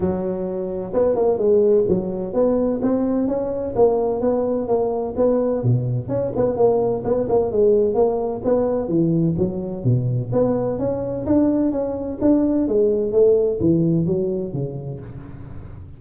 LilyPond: \new Staff \with { instrumentName = "tuba" } { \time 4/4 \tempo 4 = 128 fis2 b8 ais8 gis4 | fis4 b4 c'4 cis'4 | ais4 b4 ais4 b4 | b,4 cis'8 b8 ais4 b8 ais8 |
gis4 ais4 b4 e4 | fis4 b,4 b4 cis'4 | d'4 cis'4 d'4 gis4 | a4 e4 fis4 cis4 | }